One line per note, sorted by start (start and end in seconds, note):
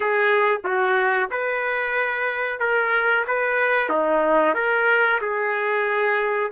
0.00 0.60 G#4
0.64 1.29 F#4
1.30 2.59 B4
2.59 3.25 A#4
3.27 3.89 B4
3.89 4.54 D#4
4.54 5.19 A#4
5.21 6.51 G#4